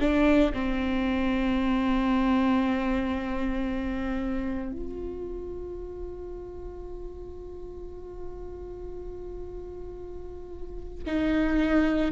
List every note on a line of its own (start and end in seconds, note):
0.00 0.53 D4
0.53 4.72 C4
4.72 11.03 F4
11.06 12.11 D#4